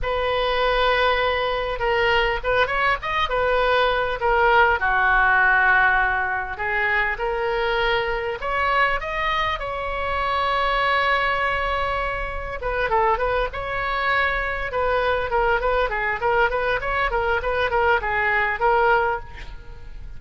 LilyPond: \new Staff \with { instrumentName = "oboe" } { \time 4/4 \tempo 4 = 100 b'2. ais'4 | b'8 cis''8 dis''8 b'4. ais'4 | fis'2. gis'4 | ais'2 cis''4 dis''4 |
cis''1~ | cis''4 b'8 a'8 b'8 cis''4.~ | cis''8 b'4 ais'8 b'8 gis'8 ais'8 b'8 | cis''8 ais'8 b'8 ais'8 gis'4 ais'4 | }